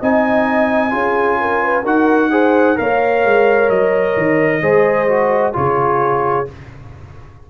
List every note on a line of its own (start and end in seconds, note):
0.00 0.93 C4
0.00 0.91 D#4
0.00 0.92 D#5
0.00 1.87 G#5
0.91 1.85 C#4
0.91 1.83 F4
0.91 1.39 G#4
1.41 1.63 A#4
1.63 1.83 B4
1.83 2.78 D#4
1.83 2.31 F#4
1.83 2.29 A#4
1.83 2.78 F#5
2.31 2.76 G#4
2.31 2.78 C5
2.76 3.25 A#3
2.76 4.61 A#4
2.76 4.62 C#5
2.76 3.70 F5
3.25 3.70 G#3
3.70 4.16 F#3
3.70 5.54 D#5
4.17 4.62 D#3
4.62 5.54 G#3
4.62 5.08 G#4
4.62 5.54 C5
5.08 5.53 F#4
5.53 6.49 C#3
5.53 6.46 F4
5.53 6.50 G#4
5.53 6.49 C#5